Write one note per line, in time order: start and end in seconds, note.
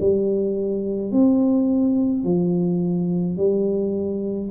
0.00 1.11 G3
1.11 2.24 C4
2.24 3.37 F3
3.37 4.50 G3